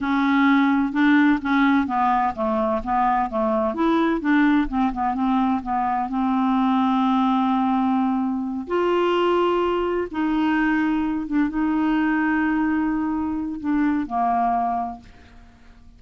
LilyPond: \new Staff \with { instrumentName = "clarinet" } { \time 4/4 \tempo 4 = 128 cis'2 d'4 cis'4 | b4 a4 b4 a4 | e'4 d'4 c'8 b8 c'4 | b4 c'2.~ |
c'2~ c'8 f'4.~ | f'4. dis'2~ dis'8 | d'8 dis'2.~ dis'8~ | dis'4 d'4 ais2 | }